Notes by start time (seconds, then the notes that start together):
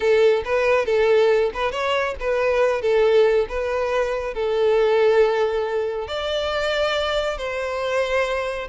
0.00 A4
0.44 B4
0.85 A4
1.54 B4
1.71 C#5
2.20 B4
2.81 A4
3.49 B4
4.34 A4
6.07 D5
7.37 C5